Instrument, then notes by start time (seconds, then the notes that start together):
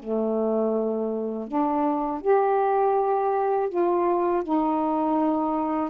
saxophone
0.00 A3
1.48 D4
2.22 G4
3.70 F4
4.44 D#4